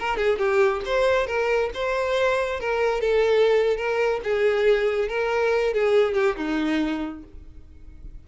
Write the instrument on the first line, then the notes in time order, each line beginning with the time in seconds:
violin
0.00 A#4
0.17 G#4
0.39 G4
0.86 C5
1.27 A#4
1.74 C5
2.60 A#4
3.01 A4
3.77 A#4
4.24 G#4
5.09 A#4
5.74 G#4
6.14 G4
6.37 D#4